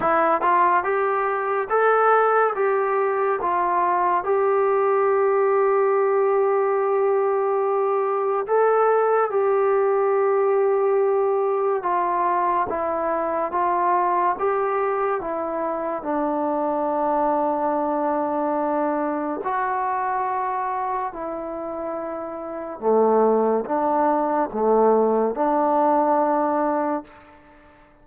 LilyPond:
\new Staff \with { instrumentName = "trombone" } { \time 4/4 \tempo 4 = 71 e'8 f'8 g'4 a'4 g'4 | f'4 g'2.~ | g'2 a'4 g'4~ | g'2 f'4 e'4 |
f'4 g'4 e'4 d'4~ | d'2. fis'4~ | fis'4 e'2 a4 | d'4 a4 d'2 | }